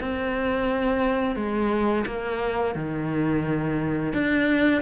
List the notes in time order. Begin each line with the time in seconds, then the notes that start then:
0.00 C4
1.35 G#3
2.06 A#3
2.75 D#3
4.13 D4